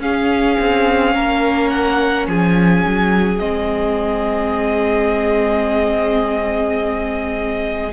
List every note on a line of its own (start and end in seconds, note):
0.00 3.39 C#4
0.00 0.57 C#4
0.00 1.15 G#4
0.00 1.70 F5
0.59 1.15 C4
1.15 2.27 A#3
1.15 2.28 A#4
1.70 2.26 F#5
2.27 2.84 F3
2.27 7.92 G#4
2.27 3.39 G#5
2.86 3.40 F#3
3.39 7.92 G#3
3.39 7.92 C4
3.39 7.92 D#5